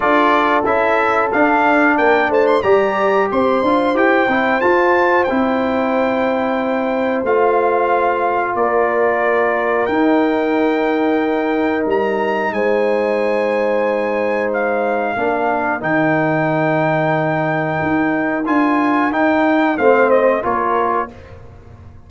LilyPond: <<
  \new Staff \with { instrumentName = "trumpet" } { \time 4/4 \tempo 4 = 91 d''4 e''4 f''4 g''8 a''16 c'''16 | ais''4 c'''4 g''4 a''4 | g''2. f''4~ | f''4 d''2 g''4~ |
g''2 ais''4 gis''4~ | gis''2 f''2 | g''1 | gis''4 g''4 f''8 dis''8 cis''4 | }
  \new Staff \with { instrumentName = "horn" } { \time 4/4 a'2. ais'8 c''8 | d''4 c''2.~ | c''1~ | c''4 ais'2.~ |
ais'2. c''4~ | c''2. ais'4~ | ais'1~ | ais'2 c''4 ais'4 | }
  \new Staff \with { instrumentName = "trombone" } { \time 4/4 f'4 e'4 d'2 | g'4. f'8 g'8 e'8 f'4 | e'2. f'4~ | f'2. dis'4~ |
dis'1~ | dis'2. d'4 | dis'1 | f'4 dis'4 c'4 f'4 | }
  \new Staff \with { instrumentName = "tuba" } { \time 4/4 d'4 cis'4 d'4 ais8 a8 | g4 c'8 d'8 e'8 c'8 f'4 | c'2. a4~ | a4 ais2 dis'4~ |
dis'2 g4 gis4~ | gis2. ais4 | dis2. dis'4 | d'4 dis'4 a4 ais4 | }
>>